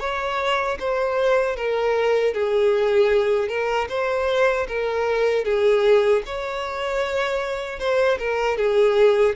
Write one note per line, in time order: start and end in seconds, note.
0.00 0.78 C#5
0.80 1.57 C5
1.57 2.34 A#4
2.34 3.49 G#4
3.49 3.88 A#4
3.89 4.67 C5
4.68 5.45 A#4
5.45 6.23 G#4
6.26 7.80 C#5
7.80 8.19 C5
8.19 8.58 A#4
8.58 9.36 G#4